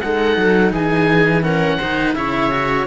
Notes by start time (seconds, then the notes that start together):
0.00 G#3 D#4 A4 F#5
0.37 F#3
0.72 E3 G#4 G#5
1.43 C#4 A#4 F#5
1.79 D#3 D#4 C5
2.15 C#3 E4 C#5 E5
2.51 F#4